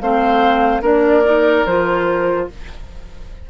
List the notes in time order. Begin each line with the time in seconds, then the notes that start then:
0.00 A3 C4 C5 F5
0.81 A#3 D4 A#4 D5
1.24 D#4
1.65 F3 F4 C5